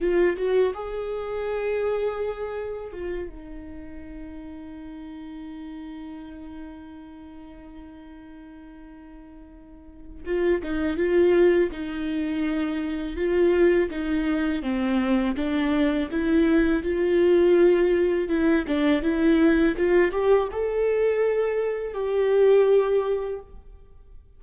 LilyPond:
\new Staff \with { instrumentName = "viola" } { \time 4/4 \tempo 4 = 82 f'8 fis'8 gis'2. | f'8 dis'2.~ dis'8~ | dis'1~ | dis'2 f'8 dis'8 f'4 |
dis'2 f'4 dis'4 | c'4 d'4 e'4 f'4~ | f'4 e'8 d'8 e'4 f'8 g'8 | a'2 g'2 | }